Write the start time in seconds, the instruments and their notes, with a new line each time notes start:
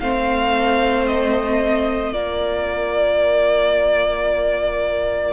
0.00 cello A3, viola C4, violin C5 F5
1.07 violin D#5
2.12 cello A#3, viola F4, violin A#4 D5